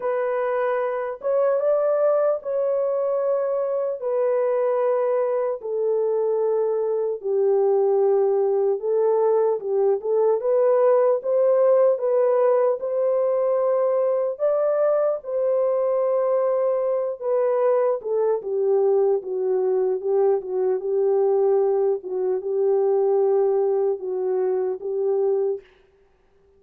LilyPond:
\new Staff \with { instrumentName = "horn" } { \time 4/4 \tempo 4 = 75 b'4. cis''8 d''4 cis''4~ | cis''4 b'2 a'4~ | a'4 g'2 a'4 | g'8 a'8 b'4 c''4 b'4 |
c''2 d''4 c''4~ | c''4. b'4 a'8 g'4 | fis'4 g'8 fis'8 g'4. fis'8 | g'2 fis'4 g'4 | }